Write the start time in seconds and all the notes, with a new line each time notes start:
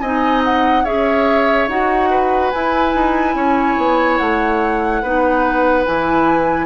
0.00 C4 D#4 D#5 G#5
0.44 F#5
0.84 C#4 G#4 C#5 E5
1.67 D#4 F#4 F#5
2.10 B4
2.51 E4 G#5
2.94 D#4
3.35 C#4 C#5
3.77 B3
4.18 A3 F#5
5.02 B3 D#4 B4
5.86 E3 E4 G#5